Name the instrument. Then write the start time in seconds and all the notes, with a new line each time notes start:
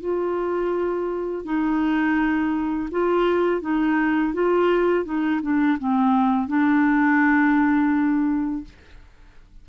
clarinet
0.00 F4
1.45 D#4
2.91 F4
3.61 D#4
4.33 F4
5.05 D#4
5.42 D4
5.78 C4
6.47 D4